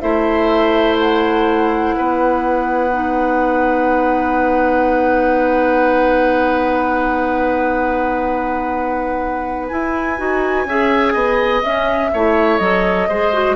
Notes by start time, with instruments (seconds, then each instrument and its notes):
0.00 bassoon A3, clarinet E4, oboe C5, flute E5
0.99 flute F#5
1.96 bassoon B3, oboe B4
2.91 clarinet D#4
9.67 clarinet E4, bassoon E4, flute G#5
10.17 bassoon D#4, clarinet F#4
10.66 bassoon C#4, clarinet G#4, oboe E5
11.14 bassoon B3, oboe D#5
11.63 bassoon C#4, clarinet C#4, flute E5
12.13 bassoon A3, clarinet E4, oboe C#5
12.58 bassoon F#3, clarinet A4, flute D#5
13.09 bassoon G#3, clarinet G#4, oboe C5
13.33 clarinet F#4